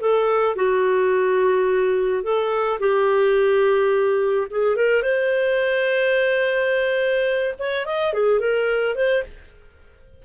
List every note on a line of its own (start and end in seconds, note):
0.00 0.55 A4
0.55 2.23 F#4
2.23 2.79 A4
2.79 4.47 G4
4.50 4.76 G#4
4.76 5.02 A#4
5.02 7.54 C5
7.58 7.85 C#5
7.85 8.13 D#5
8.13 8.39 G#4
8.39 8.95 A#4
8.95 9.23 C5